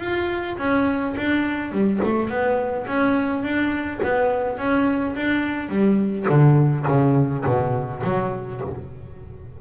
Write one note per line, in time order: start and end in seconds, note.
0.00 0.57 F4
0.58 1.15 C#4
1.17 1.72 D4
1.72 2.01 G3
2.04 2.29 A3
2.29 2.86 B3
2.87 3.43 C#4
3.43 4.00 D4
4.03 4.58 B3
4.58 5.15 C#4
5.16 5.69 D4
5.69 6.26 G3
6.29 6.86 D3
6.88 7.45 C#3
7.45 8.03 B2
8.04 8.61 F#3